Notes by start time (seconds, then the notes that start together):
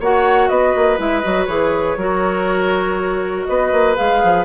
0.00 A#3 F#4 C#5 F#5
0.49 B3 B4 D#5
0.76 A#3
0.98 G#3 E4 E5
1.20 F#3 F#4 D#5
1.46 E3 G#4 C#5
1.97 F#3 F#4 A#4
3.46 B3 B4 D#5
3.72 A#3
3.96 G#3 G#4 F5
4.24 F3